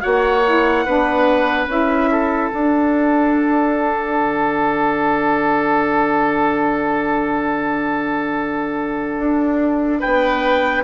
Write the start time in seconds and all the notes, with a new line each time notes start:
0.00 A#3 F#4 C#5 F#5
0.45 E4
0.85 B3 D4 B4
1.67 C#4 E4 E5
2.11 A4
2.52 D4 F#5
4.20 D3
9.19 D4
10.00 B3 B4 G5